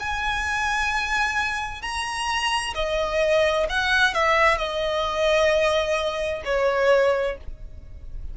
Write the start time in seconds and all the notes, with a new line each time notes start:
0.00 G#5
1.83 A#5
2.75 D#5
3.70 F#5
4.15 E5
4.58 D#5
6.45 C#5